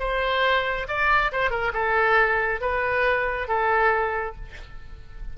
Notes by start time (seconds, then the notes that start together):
0.00 C5
0.88 D5
1.32 C5
1.51 A#4
1.74 A4
2.61 B4
3.48 A4